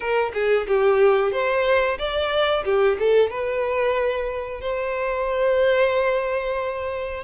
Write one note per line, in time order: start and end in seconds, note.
0.00 0.31 A#4
0.33 0.66 G#4
0.67 1.32 G4
1.32 1.98 C5
1.98 2.64 D5
2.64 2.97 G4
2.99 3.30 A4
3.30 4.60 B4
4.60 7.23 C5